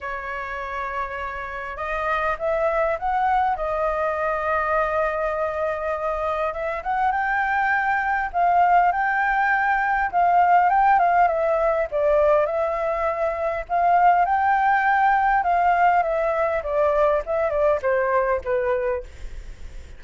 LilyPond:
\new Staff \with { instrumentName = "flute" } { \time 4/4 \tempo 4 = 101 cis''2. dis''4 | e''4 fis''4 dis''2~ | dis''2. e''8 fis''8 | g''2 f''4 g''4~ |
g''4 f''4 g''8 f''8 e''4 | d''4 e''2 f''4 | g''2 f''4 e''4 | d''4 e''8 d''8 c''4 b'4 | }